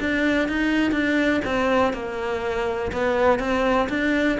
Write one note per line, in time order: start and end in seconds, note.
0.00 0.49 D4
0.49 0.92 D#4
0.92 1.41 D4
1.45 1.93 C4
1.93 2.92 A#3
2.92 3.39 B3
3.39 3.88 C4
3.89 4.38 D4